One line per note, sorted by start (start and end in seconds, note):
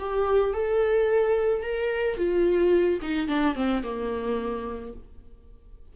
0.00 0.54 G4
0.54 1.63 A4
1.63 2.18 A#4
2.18 3.00 F4
3.02 3.28 D#4
3.28 3.56 D4
3.56 3.83 C4
3.84 4.94 A#3